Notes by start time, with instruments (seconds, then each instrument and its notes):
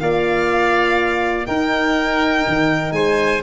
0.00 tuba A#3, horn F4, oboe D5, violin F5
1.46 horn D#4, tuba D#4, oboe A#4, violin G5
2.48 tuba D#3
2.92 tuba G#3, oboe C5, violin G#5